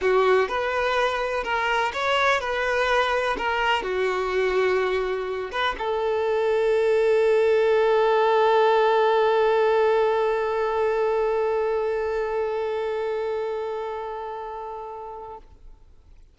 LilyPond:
\new Staff \with { instrumentName = "violin" } { \time 4/4 \tempo 4 = 125 fis'4 b'2 ais'4 | cis''4 b'2 ais'4 | fis'2.~ fis'8 b'8 | a'1~ |
a'1~ | a'1~ | a'1~ | a'1 | }